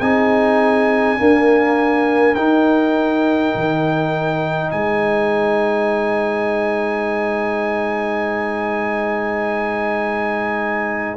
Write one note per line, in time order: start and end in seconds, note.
0.00 1.18 C4
0.00 1.18 D#4
0.00 1.19 G#4
0.00 2.35 G#5
1.18 2.35 A#3
1.18 2.36 D4
1.18 4.70 A#4
2.35 3.54 D#4
2.35 11.17 D#4
2.35 4.70 G5
3.55 4.73 D#3
4.70 11.17 G#3
4.70 11.17 C5
4.70 11.17 G#5